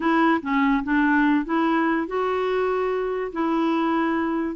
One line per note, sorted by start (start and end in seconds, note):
0.00 0.40 E4
0.42 0.83 C#4
0.83 1.45 D4
1.45 2.07 E4
2.07 3.31 F#4
3.32 4.55 E4